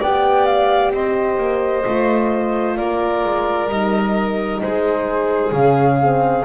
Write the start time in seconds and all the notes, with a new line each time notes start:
0.00 B3 G4 D5 G5
0.46 F5
0.92 C4 C5 D#5
1.38 A#3
1.86 A3 F4
2.77 A#3 A#4 D5
3.24 G#3
3.69 G3 D#4 D#5
4.62 G#3 G#4 C5
5.52 C#3 C#4 F5
6.02 C4